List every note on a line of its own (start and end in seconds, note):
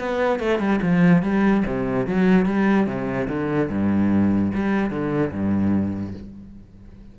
0.00 0.40 B3
0.40 0.59 A3
0.59 0.80 G3
0.83 1.23 F3
1.23 1.64 G3
1.66 2.07 C3
2.07 2.46 F#3
2.46 2.87 G3
2.87 3.28 C3
3.28 3.69 D3
3.70 4.52 G2
4.54 4.91 G3
4.91 5.32 D3
5.32 6.14 G2